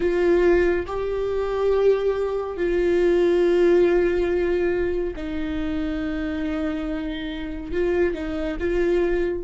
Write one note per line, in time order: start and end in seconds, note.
0.00 0.86 F4
0.86 2.56 G4
2.56 5.14 F4
5.16 7.71 D#4
7.71 8.14 F4
8.14 8.57 D#4
8.59 9.44 F4